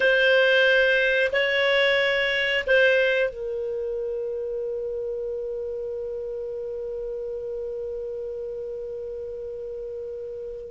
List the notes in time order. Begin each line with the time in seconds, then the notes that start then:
0.00 C5
1.32 C#5
2.66 C5
3.29 A#4